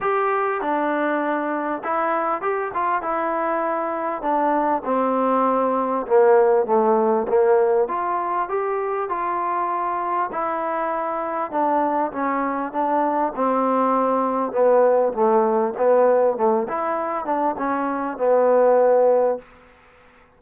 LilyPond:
\new Staff \with { instrumentName = "trombone" } { \time 4/4 \tempo 4 = 99 g'4 d'2 e'4 | g'8 f'8 e'2 d'4 | c'2 ais4 a4 | ais4 f'4 g'4 f'4~ |
f'4 e'2 d'4 | cis'4 d'4 c'2 | b4 a4 b4 a8 e'8~ | e'8 d'8 cis'4 b2 | }